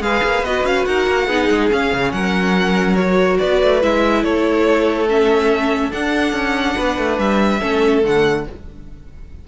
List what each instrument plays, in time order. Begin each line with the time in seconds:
0.00 cello G#3, viola G#4, violin B4 F5
0.23 cello A#3
0.42 cello B3, viola F#4, violin D#5
0.64 cello C#4, violin F5
0.84 cello D#4, violin A#4 F#5
1.06 cello A#3
1.27 cello B3, viola D#4, violin G#4
1.49 cello G#3
1.70 viola C#4, cello C#4, violin F5
1.93 cello C#3
2.12 cello F#3, violin A#4 F#5
2.95 viola F#4, violin C#5
3.38 cello B3, violin B4 D5
3.62 cello A3
3.81 cello G#3, viola E4, violin E5
4.23 cello A3, violin A4 C#5
5.08 viola C#4, violin E5
5.90 viola D4, cello D4, violin F#5
6.32 cello C#4
6.75 cello B3, violin B4
6.98 cello A3
7.18 cello G3, violin E5
7.60 cello A3, viola C#4, violin A4
8.03 cello D3, viola A3, violin F#5